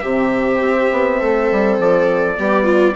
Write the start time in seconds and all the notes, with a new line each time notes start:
0.00 C3 C4 G4 E5
0.61 C4
0.92 B3
1.20 A3 A4
1.51 G3
1.79 F3 D5
2.37 G3 B3 G4
2.64 F4